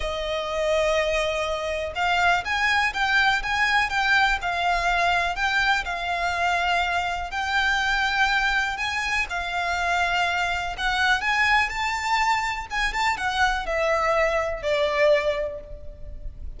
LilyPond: \new Staff \with { instrumentName = "violin" } { \time 4/4 \tempo 4 = 123 dis''1 | f''4 gis''4 g''4 gis''4 | g''4 f''2 g''4 | f''2. g''4~ |
g''2 gis''4 f''4~ | f''2 fis''4 gis''4 | a''2 gis''8 a''8 fis''4 | e''2 d''2 | }